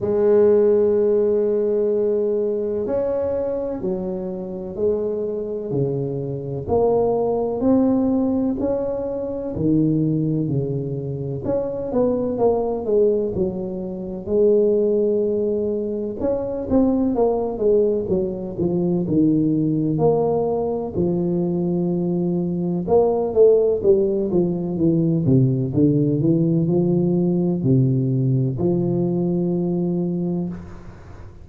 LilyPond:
\new Staff \with { instrumentName = "tuba" } { \time 4/4 \tempo 4 = 63 gis2. cis'4 | fis4 gis4 cis4 ais4 | c'4 cis'4 dis4 cis4 | cis'8 b8 ais8 gis8 fis4 gis4~ |
gis4 cis'8 c'8 ais8 gis8 fis8 f8 | dis4 ais4 f2 | ais8 a8 g8 f8 e8 c8 d8 e8 | f4 c4 f2 | }